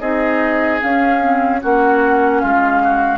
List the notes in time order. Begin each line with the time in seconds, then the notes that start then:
0.00 C4 D#4 G#4 D#5
0.81 C#4 F5
1.21 C4
1.60 A#3 C#4 F#4 F#5
2.40 G#3 F4 F5
2.84 F#4